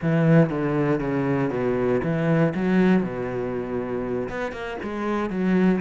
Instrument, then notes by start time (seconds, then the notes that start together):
cello
0.02 E3
0.49 D3
0.99 C#3
1.50 B2
2.03 E3
2.54 F#3
3.03 B2
4.29 B3
4.51 A#3
4.82 G#3
5.29 F#3